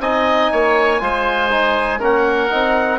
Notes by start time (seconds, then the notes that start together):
0.00 C4 D#4 D#5 G#5
0.52 A#3 C#5
1.00 G#3 F4 C5
1.50 D#4
2.00 A#3 C#4 A#4 F#5
2.51 C4 D#4